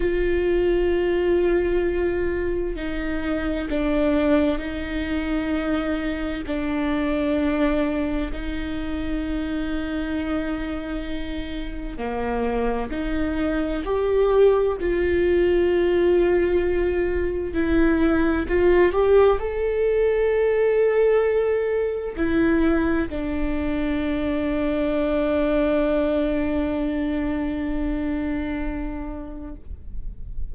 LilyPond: \new Staff \with { instrumentName = "viola" } { \time 4/4 \tempo 4 = 65 f'2. dis'4 | d'4 dis'2 d'4~ | d'4 dis'2.~ | dis'4 ais4 dis'4 g'4 |
f'2. e'4 | f'8 g'8 a'2. | e'4 d'2.~ | d'1 | }